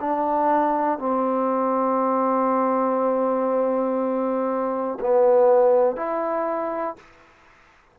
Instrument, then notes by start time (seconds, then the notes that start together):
trombone
0.00 D4
0.99 C4
5.00 B3
5.96 E4